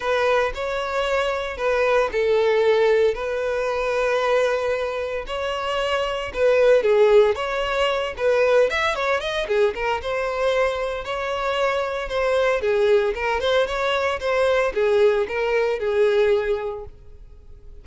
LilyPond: \new Staff \with { instrumentName = "violin" } { \time 4/4 \tempo 4 = 114 b'4 cis''2 b'4 | a'2 b'2~ | b'2 cis''2 | b'4 gis'4 cis''4. b'8~ |
b'8 e''8 cis''8 dis''8 gis'8 ais'8 c''4~ | c''4 cis''2 c''4 | gis'4 ais'8 c''8 cis''4 c''4 | gis'4 ais'4 gis'2 | }